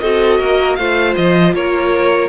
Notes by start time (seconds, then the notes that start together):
0.00 C4 F#4 A4 D#5
0.39 A#3 A#4
0.76 A3 F4 C5 F5
1.17 F3 D#5
1.54 A#3 A#4 C#5